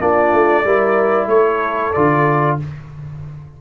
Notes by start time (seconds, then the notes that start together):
0.00 A#3 D4 F4 D5
0.33 A3
0.63 G3 E4 A#4
1.27 A3 A4 C#5
1.93 D3 F4 D5